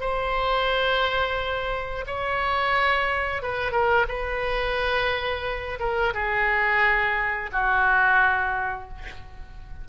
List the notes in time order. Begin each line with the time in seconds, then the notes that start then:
0.00 C5
2.06 C#5
3.42 B4
3.71 A#4
4.08 B4
5.79 A#4
6.13 G#4
7.52 F#4